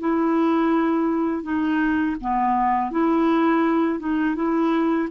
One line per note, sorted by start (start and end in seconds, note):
0.00 1.43 E4
1.43 2.17 D#4
2.21 2.91 B3
2.91 4.00 E4
4.00 4.36 D#4
4.36 5.09 E4